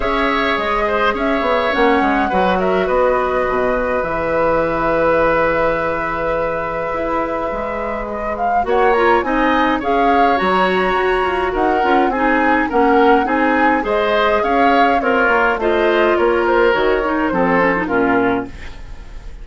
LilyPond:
<<
  \new Staff \with { instrumentName = "flute" } { \time 4/4 \tempo 4 = 104 e''4 dis''4 e''4 fis''4~ | fis''8 e''8 dis''2 e''4~ | e''1~ | e''2 dis''8 f''8 fis''8 ais''8 |
gis''4 f''4 ais''2 | fis''4 gis''4 fis''4 gis''4 | dis''4 f''4 cis''4 dis''4 | cis''8 c''8 cis''4 c''4 ais'4 | }
  \new Staff \with { instrumentName = "oboe" } { \time 4/4 cis''4. c''8 cis''2 | b'8 ais'8 b'2.~ | b'1~ | b'2. cis''4 |
dis''4 cis''2. | ais'4 gis'4 ais'4 gis'4 | c''4 cis''4 f'4 c''4 | ais'2 a'4 f'4 | }
  \new Staff \with { instrumentName = "clarinet" } { \time 4/4 gis'2. cis'4 | fis'2. gis'4~ | gis'1~ | gis'2. fis'8 f'8 |
dis'4 gis'4 fis'2~ | fis'8 f'8 dis'4 cis'4 dis'4 | gis'2 ais'4 f'4~ | f'4 fis'8 dis'8 c'8 cis'16 dis'16 cis'4 | }
  \new Staff \with { instrumentName = "bassoon" } { \time 4/4 cis'4 gis4 cis'8 b8 ais8 gis8 | fis4 b4 b,4 e4~ | e1 | e'4 gis2 ais4 |
c'4 cis'4 fis4 fis'8 f'8 | dis'8 cis'8 c'4 ais4 c'4 | gis4 cis'4 c'8 ais8 a4 | ais4 dis4 f4 ais,4 | }
>>